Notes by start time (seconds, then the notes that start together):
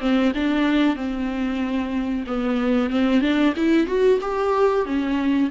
0.00 C4
0.35 D4
0.96 C4
2.27 B3
2.90 C4
3.21 D4
3.56 E4
3.87 F#4
4.21 G4
4.85 C#4